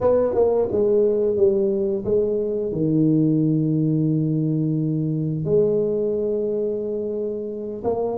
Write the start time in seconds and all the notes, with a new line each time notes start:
0.00 B3
0.34 A#3
0.71 G#3
1.36 G3
2.05 G#3
2.71 D#3
5.44 G#3
7.83 A#3